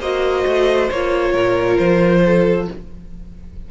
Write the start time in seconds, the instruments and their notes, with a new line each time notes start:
0.00 cello A#3, viola F#4, violin C5 D#5
0.47 cello A3
0.91 cello A#3, viola F4, violin C#5
1.32 cello A#2, violin A#4
1.78 cello F3, violin C5
2.25 violin A4